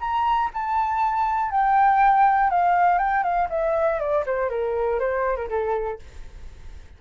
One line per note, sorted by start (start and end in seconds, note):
0.00 0.50 A#5
0.53 1.51 A5
1.51 2.50 G5
2.50 2.98 F5
2.98 3.23 G5
3.23 3.48 F5
3.50 4.00 E5
4.00 4.25 D5
4.26 4.50 C5
4.50 5.00 A#4
5.00 5.36 C5
5.36 5.49 A#4
5.49 5.99 A4